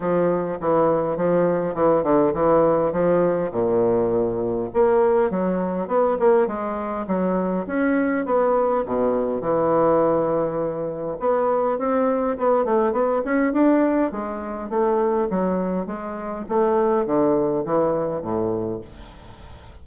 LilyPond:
\new Staff \with { instrumentName = "bassoon" } { \time 4/4 \tempo 4 = 102 f4 e4 f4 e8 d8 | e4 f4 ais,2 | ais4 fis4 b8 ais8 gis4 | fis4 cis'4 b4 b,4 |
e2. b4 | c'4 b8 a8 b8 cis'8 d'4 | gis4 a4 fis4 gis4 | a4 d4 e4 a,4 | }